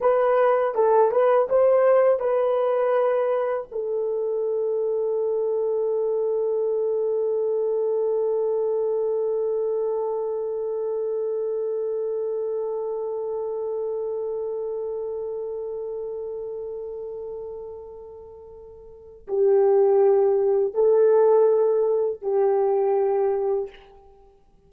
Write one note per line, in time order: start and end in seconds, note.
0.00 0.74 B4
0.74 1.11 A4
1.11 1.48 B4
1.48 2.19 C5
2.19 3.67 B4
3.71 19.27 A4
19.27 20.74 G4
20.74 22.21 A4
22.21 23.69 G4